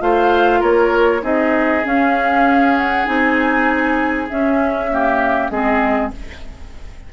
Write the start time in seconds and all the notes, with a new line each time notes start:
0.00 A3 F4 C5 F5
0.60 A#3 A#4 C#5
1.21 C4 D#4 G#4 D#5
1.85 C#4 F5
2.78 F#5
3.05 C4 D#4 G#5
4.29 C#4 E5
4.90 A#3 G4
5.50 G#3 C4 G#4 D#5